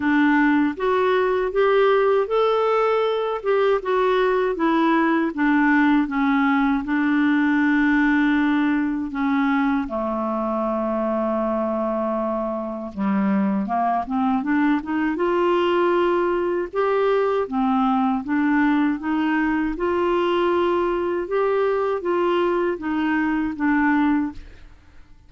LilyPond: \new Staff \with { instrumentName = "clarinet" } { \time 4/4 \tempo 4 = 79 d'4 fis'4 g'4 a'4~ | a'8 g'8 fis'4 e'4 d'4 | cis'4 d'2. | cis'4 a2.~ |
a4 g4 ais8 c'8 d'8 dis'8 | f'2 g'4 c'4 | d'4 dis'4 f'2 | g'4 f'4 dis'4 d'4 | }